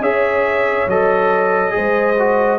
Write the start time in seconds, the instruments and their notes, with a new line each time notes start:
0.00 tuba C#4, trombone G#4, horn C#5, trumpet E5
0.87 tuba F#3, trombone A4, trumpet D#5
1.70 trombone G#4, horn C5
1.77 tuba G#3
2.19 trombone F#4